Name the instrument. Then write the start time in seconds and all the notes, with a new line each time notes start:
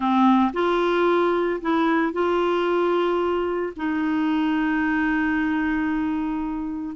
clarinet
0.00 C4
0.53 F4
1.61 E4
2.12 F4
3.76 D#4